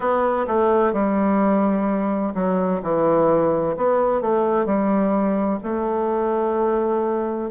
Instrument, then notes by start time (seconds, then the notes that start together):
bassoon
0.00 B3
0.47 A3
0.92 G3
2.34 F#3
2.82 E3
3.76 B3
4.21 A3
4.65 G3
5.63 A3